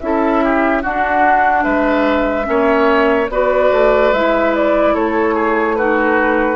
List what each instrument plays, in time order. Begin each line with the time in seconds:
0.00 bassoon C#4, clarinet E4, oboe A4, flute E5
0.44 oboe G4
0.82 bassoon D4, clarinet D4, oboe F#4, flute F#5
1.64 bassoon G#3, oboe B4, flute E5
2.44 bassoon A#3, clarinet C#4, oboe C#5
3.29 bassoon B3, clarinet F#4, oboe B4, flute D5
3.72 bassoon A3
4.13 bassoon G#3, clarinet E4, flute E5
4.55 flute D5
4.94 bassoon A3, oboe A4, flute C#5
5.34 oboe G#4
5.76 clarinet D#4, oboe F#4, flute B4